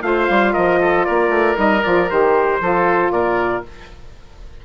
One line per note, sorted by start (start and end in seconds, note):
0.00 0.28 A3
0.00 1.55 F4
0.00 0.53 C5
0.00 0.53 F5
0.29 0.55 G3
0.53 1.08 F3
0.53 0.79 A#4
0.53 1.04 D#5
0.80 1.06 A4
1.04 1.29 A#3
1.04 2.61 A#4
1.04 1.56 D5
1.29 1.55 A3
1.55 1.83 G3
1.55 1.81 D#4
1.55 1.83 D#5
1.82 2.10 F3
1.82 2.08 F4
1.82 2.09 D5
2.09 2.60 D#3
2.09 2.61 G4
2.09 3.12 C5
2.60 3.10 F3
2.60 3.65 F4
2.60 3.12 A4
3.10 3.62 A#2
3.10 3.64 A#4
3.10 3.63 D5